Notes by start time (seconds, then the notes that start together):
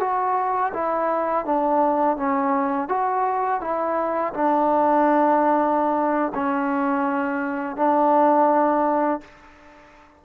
0.00 F#4
0.74 E4
1.45 D4
2.17 C#4
2.88 F#4
3.61 E4
4.34 D4
6.35 C#4
7.76 D4